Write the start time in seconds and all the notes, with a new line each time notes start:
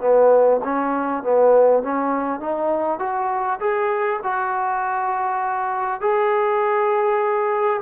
0.00 B3
0.64 C#4
1.23 B3
1.82 C#4
2.40 D#4
2.99 F#4
3.60 G#4
4.23 F#4
6.00 G#4